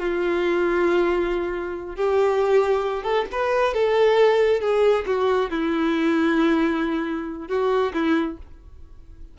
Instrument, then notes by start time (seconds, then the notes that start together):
violin
0.00 F4
1.97 G4
3.04 A4
3.32 B4
3.74 A4
4.61 G#4
5.07 F#4
5.51 E4
7.49 F#4
7.94 E4